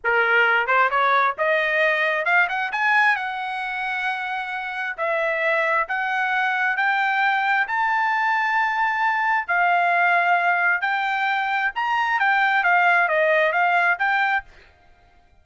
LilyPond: \new Staff \with { instrumentName = "trumpet" } { \time 4/4 \tempo 4 = 133 ais'4. c''8 cis''4 dis''4~ | dis''4 f''8 fis''8 gis''4 fis''4~ | fis''2. e''4~ | e''4 fis''2 g''4~ |
g''4 a''2.~ | a''4 f''2. | g''2 ais''4 g''4 | f''4 dis''4 f''4 g''4 | }